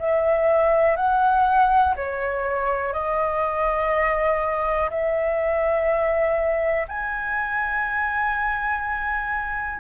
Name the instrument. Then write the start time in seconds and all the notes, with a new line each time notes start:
flute
0.00 E5
0.97 F#5
1.96 C#5
2.93 D#5
4.90 E5
6.89 G#5